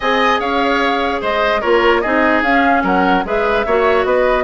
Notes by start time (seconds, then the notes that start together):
0.00 C4 G#4 D#5 G#5
0.39 C#4 C#5 F5
1.21 G#3 C5 D#5
1.60 A#3 F4 A#4 C#5
2.01 C4 D#4 G#4 D#5
2.42 C#4 F5
2.83 F#3 A#4 F#5
3.24 G#3 G#4 B4 E5
3.65 A#3 F#4 C#5
4.04 B3 B4 D#5